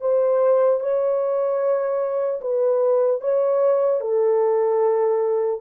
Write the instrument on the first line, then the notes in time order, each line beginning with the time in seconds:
horn
0.00 C5
0.80 C#5
2.41 B4
3.21 C#5
4.00 A4